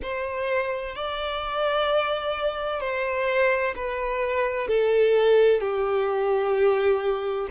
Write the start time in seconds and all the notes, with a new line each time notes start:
0.02 C5
0.95 D5
2.80 C5
3.75 B4
4.68 A4
5.60 G4